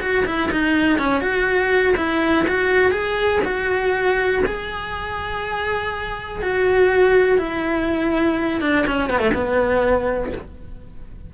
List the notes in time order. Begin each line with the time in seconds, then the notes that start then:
0.00 F#4
0.25 E4
0.51 D#4
0.98 C#4
1.20 F#4
1.96 E4
2.47 F#4
2.91 G#4
3.44 F#4
4.45 G#4
6.42 F#4
7.38 E4
8.61 D4
8.86 C#4
9.09 B3
9.19 A3
9.34 B3